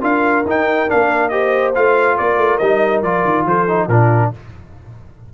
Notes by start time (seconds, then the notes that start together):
0.00 D4 F4 A#4 F5
0.45 D#4 G5
0.87 A#3 D4 F5
1.28 G4 C5 D#5
1.74 A3 F4 F5
2.16 A#3 A#4 D5
2.37 A3
2.58 G3 D#4 D#5
3.02 F3 F4 D5
3.24 D#3
3.44 F3 A4 C5
3.68 D#4
3.87 A#2 D4 F4 A#4